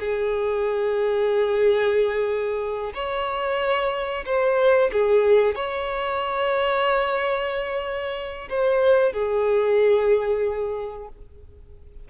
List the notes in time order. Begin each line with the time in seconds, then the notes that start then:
0.00 G#4
2.95 C#5
4.26 C5
4.93 G#4
5.56 C#5
8.50 C5
9.13 G#4